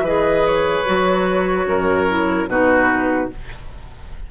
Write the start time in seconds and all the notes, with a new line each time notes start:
0.00 E3 G#4 B4 D#5
0.46 C#5
0.85 F#3 F#4
1.65 F#2 A#4
2.08 E4
2.47 B2 D#4 F#4 B4